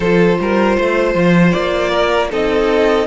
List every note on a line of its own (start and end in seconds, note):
0.00 0.37 F3
0.00 2.29 F4
0.00 0.38 A4
0.00 1.51 C5
0.39 0.78 G3
0.39 0.76 A#4
0.76 1.14 A3
0.76 1.90 C5
1.14 1.53 F3
1.51 2.31 A#3
1.51 2.28 D5
1.90 2.28 A#4
2.29 3.07 C4
2.29 3.06 D#4
2.29 3.07 A4
2.29 3.07 D#5